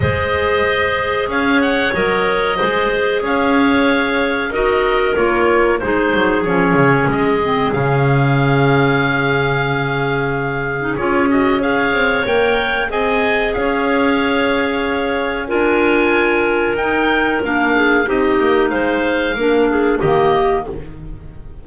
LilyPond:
<<
  \new Staff \with { instrumentName = "oboe" } { \time 4/4 \tempo 4 = 93 dis''2 f''8 fis''8 dis''4~ | dis''4 f''2 dis''4 | cis''4 c''4 cis''4 dis''4 | f''1~ |
f''4 cis''8 dis''8 f''4 g''4 | gis''4 f''2. | gis''2 g''4 f''4 | dis''4 f''2 dis''4 | }
  \new Staff \with { instrumentName = "clarinet" } { \time 4/4 c''2 cis''2 | c''4 cis''2 ais'4~ | ais'4 gis'2.~ | gis'1~ |
gis'2 cis''2 | dis''4 cis''2. | ais'2.~ ais'8 gis'8 | g'4 c''4 ais'8 gis'8 g'4 | }
  \new Staff \with { instrumentName = "clarinet" } { \time 4/4 gis'2. ais'4 | gis'2. fis'4 | f'4 dis'4 cis'4. c'8 | cis'1~ |
cis'8. dis'16 f'8 fis'8 gis'4 ais'4 | gis'1 | f'2 dis'4 d'4 | dis'2 d'4 ais4 | }
  \new Staff \with { instrumentName = "double bass" } { \time 4/4 gis2 cis'4 fis4 | gis4 cis'2 dis'4 | ais4 gis8 fis8 f8 cis8 gis4 | cis1~ |
cis4 cis'4. c'8 ais4 | c'4 cis'2. | d'2 dis'4 ais4 | c'8 ais8 gis4 ais4 dis4 | }
>>